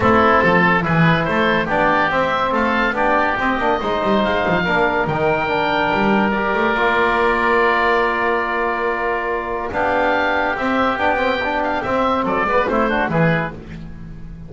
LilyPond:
<<
  \new Staff \with { instrumentName = "oboe" } { \time 4/4 \tempo 4 = 142 a'2 b'4 c''4 | d''4 e''4 f''4 d''4 | dis''2 f''2 | g''2. d''4~ |
d''1~ | d''2. f''4~ | f''4 e''4 g''4. f''8 | e''4 d''4 c''4 b'4 | }
  \new Staff \with { instrumentName = "oboe" } { \time 4/4 e'4 a'4 gis'4 a'4 | g'2 a'4 g'4~ | g'4 c''2 ais'4~ | ais'1~ |
ais'1~ | ais'2. g'4~ | g'1~ | g'4 a'8 b'8 e'8 fis'8 gis'4 | }
  \new Staff \with { instrumentName = "trombone" } { \time 4/4 c'2 e'2 | d'4 c'2 d'4 | c'8 d'8 dis'2 d'4 | dis'4 d'2 g'4 |
f'1~ | f'2. d'4~ | d'4 c'4 d'8 c'8 d'4 | c'4. b8 c'8 d'8 e'4 | }
  \new Staff \with { instrumentName = "double bass" } { \time 4/4 a4 f4 e4 a4 | b4 c'4 a4 b4 | c'8 ais8 gis8 g8 gis8 f8 ais4 | dis2 g4. a8 |
ais1~ | ais2. b4~ | b4 c'4 b2 | c'4 fis8 gis8 a4 e4 | }
>>